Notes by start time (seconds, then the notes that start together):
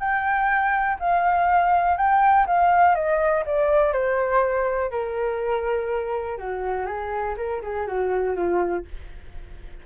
0.00 G5
0.99 F5
1.97 G5
2.47 F5
2.95 D#5
3.46 D5
3.93 C5
4.91 A#4
6.38 F#4
6.86 G#4
7.37 A#4
7.62 G#4
7.87 F#4
8.36 F4